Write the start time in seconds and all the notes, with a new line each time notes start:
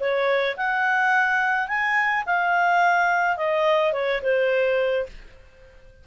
0.00 C#5
0.57 F#5
1.68 G#5
2.26 F5
3.37 D#5
3.93 C#5
4.22 C5